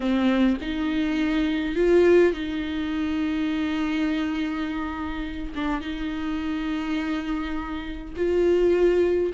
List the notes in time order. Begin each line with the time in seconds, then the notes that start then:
0.00 C4
0.61 D#4
1.75 F4
2.33 D#4
5.55 D4
5.81 D#4
8.16 F4